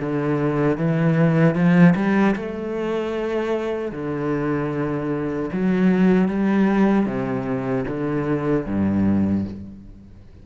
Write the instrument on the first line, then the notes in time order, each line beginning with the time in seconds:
cello
0.00 D3
0.78 E3
1.55 F3
1.96 G3
2.36 A3
3.92 D3
5.53 F#3
6.28 G3
7.06 C3
7.88 D3
8.66 G2